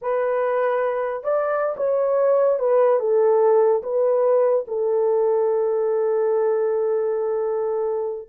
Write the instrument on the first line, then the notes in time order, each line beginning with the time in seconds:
horn
0.01 B4
1.23 D5
1.76 C#5
2.59 B4
2.99 A4
3.83 B4
4.67 A4